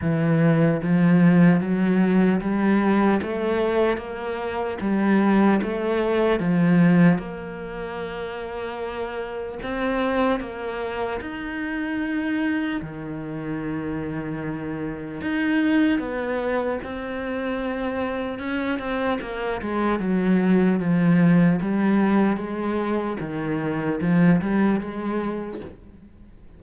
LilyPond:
\new Staff \with { instrumentName = "cello" } { \time 4/4 \tempo 4 = 75 e4 f4 fis4 g4 | a4 ais4 g4 a4 | f4 ais2. | c'4 ais4 dis'2 |
dis2. dis'4 | b4 c'2 cis'8 c'8 | ais8 gis8 fis4 f4 g4 | gis4 dis4 f8 g8 gis4 | }